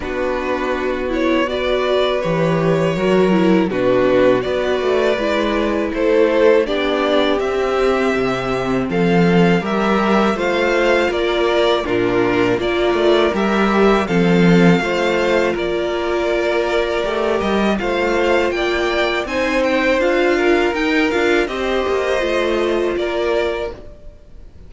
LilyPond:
<<
  \new Staff \with { instrumentName = "violin" } { \time 4/4 \tempo 4 = 81 b'4. cis''8 d''4 cis''4~ | cis''4 b'4 d''2 | c''4 d''4 e''2 | f''4 e''4 f''4 d''4 |
ais'4 d''4 e''4 f''4~ | f''4 d''2~ d''8 dis''8 | f''4 g''4 gis''8 g''8 f''4 | g''8 f''8 dis''2 d''4 | }
  \new Staff \with { instrumentName = "violin" } { \time 4/4 fis'2 b'2 | ais'4 fis'4 b'2 | a'4 g'2. | a'4 ais'4 c''4 ais'4 |
f'4 ais'2 a'4 | c''4 ais'2. | c''4 d''4 c''4. ais'8~ | ais'4 c''2 ais'4 | }
  \new Staff \with { instrumentName = "viola" } { \time 4/4 d'4. e'8 fis'4 g'4 | fis'8 e'8 d'4 fis'4 e'4~ | e'4 d'4 c'2~ | c'4 g'4 f'2 |
d'4 f'4 g'4 c'4 | f'2. g'4 | f'2 dis'4 f'4 | dis'8 f'8 g'4 f'2 | }
  \new Staff \with { instrumentName = "cello" } { \time 4/4 b2. e4 | fis4 b,4 b8 a8 gis4 | a4 b4 c'4 c4 | f4 g4 a4 ais4 |
ais,4 ais8 a8 g4 f4 | a4 ais2 a8 g8 | a4 ais4 c'4 d'4 | dis'8 d'8 c'8 ais8 a4 ais4 | }
>>